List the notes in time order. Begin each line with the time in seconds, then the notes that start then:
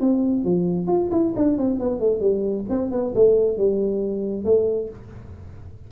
0.00 C4
0.44 F3
0.87 F4
1.11 E4
1.36 D4
1.58 C4
1.79 B3
2.00 A3
2.20 G3
2.69 C4
2.91 B3
3.15 A3
3.57 G3
4.45 A3